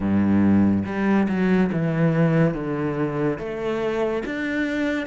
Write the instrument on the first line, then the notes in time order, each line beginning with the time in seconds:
cello
0.00 G2
0.85 G3
1.28 F#3
1.72 E3
2.54 D3
3.38 A3
4.25 D4